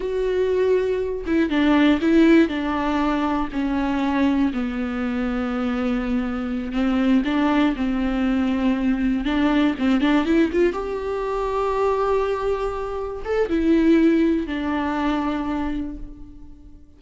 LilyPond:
\new Staff \with { instrumentName = "viola" } { \time 4/4 \tempo 4 = 120 fis'2~ fis'8 e'8 d'4 | e'4 d'2 cis'4~ | cis'4 b2.~ | b4. c'4 d'4 c'8~ |
c'2~ c'8 d'4 c'8 | d'8 e'8 f'8 g'2~ g'8~ | g'2~ g'8 a'8 e'4~ | e'4 d'2. | }